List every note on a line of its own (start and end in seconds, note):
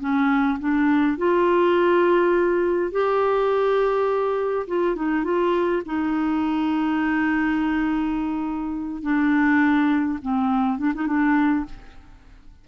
0.00 0.58 C#4
0.59 1.18 D4
1.18 2.92 F4
2.92 4.67 G4
4.67 4.96 F4
4.96 5.24 D#4
5.24 5.83 F4
5.86 9.03 D#4
9.03 10.19 D4
10.22 10.78 C4
10.78 10.93 D4
10.94 11.07 D#4
11.07 11.65 D4